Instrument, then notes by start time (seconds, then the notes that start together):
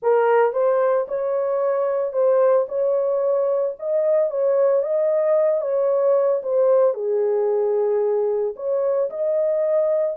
horn
0.02 A#4
0.52 C5
1.08 C#5
2.12 C5
2.68 C#5
3.79 D#5
4.30 C#5
4.83 D#5
5.61 C#5
6.42 C5
6.94 G#4
8.56 C#5
9.09 D#5